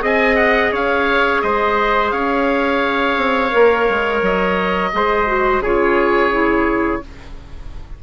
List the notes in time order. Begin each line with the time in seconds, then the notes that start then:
0.00 C4 G#4 D#5 G#5
0.36 F#5
0.72 C#4 C#5 F5
1.42 G#3 C5 D#5
2.11 C#4 C#5 F5
3.17 C4
3.51 A#3 A#4
3.89 G#3
4.22 F#3 D#5
4.93 G#3 G#4 C5
5.27 F#4
5.60 C#3 F4 G#4 C#5
6.31 E4